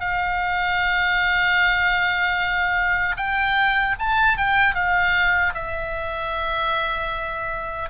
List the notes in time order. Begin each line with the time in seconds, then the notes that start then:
0.00 F5
3.17 G5
3.99 A5
4.37 G5
4.74 F5
5.54 E5